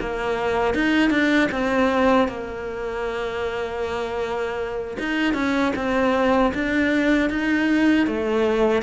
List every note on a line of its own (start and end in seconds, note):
0.00 0.74 A#3
0.74 1.10 D#4
1.10 1.48 D4
1.51 2.28 C4
2.28 4.97 A#3
4.99 5.34 D#4
5.34 5.72 C#4
5.76 6.52 C4
6.54 7.30 D4
7.30 8.07 D#4
8.07 8.82 A3